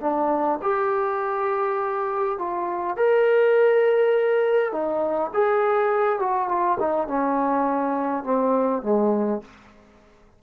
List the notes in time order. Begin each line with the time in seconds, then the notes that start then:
0.00 D4
0.62 G4
2.38 F4
2.97 A#4
4.72 D#4
5.33 G#4
6.19 F#4
6.48 F4
6.79 D#4
7.07 C#4
8.24 C4
8.82 G#3